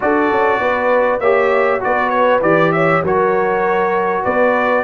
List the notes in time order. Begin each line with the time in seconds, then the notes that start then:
0.00 D4 F#4 A4 D5
0.31 C#4
0.59 B3 B4
1.19 A#3 G4 C#5 E5
1.79 B3 F#4 B4 D5
2.09 C#5
2.41 E3 G4 D5
2.72 C#5 E5
3.02 F#3 F#4 A#4 C#5
4.23 B3 B4 D5